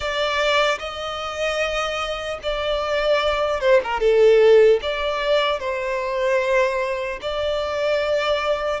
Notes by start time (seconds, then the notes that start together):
0.00 D5
0.79 D#5
2.42 D5
3.60 C5
3.83 A#4
4.00 A4
4.81 D5
5.59 C5
7.21 D5